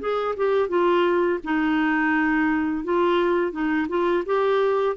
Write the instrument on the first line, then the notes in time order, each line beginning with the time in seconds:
clarinet
0.00 G#4
0.37 G4
0.69 F4
1.44 D#4
2.84 F4
3.52 D#4
3.89 F4
4.26 G4